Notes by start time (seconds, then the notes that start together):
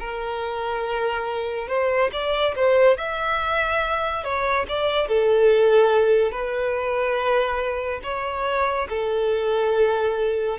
0.00 A#4
1.69 C5
2.13 D5
2.56 C5
2.97 E5
4.24 C#5
4.69 D5
5.08 A4
6.32 B4
8.04 C#5
8.90 A4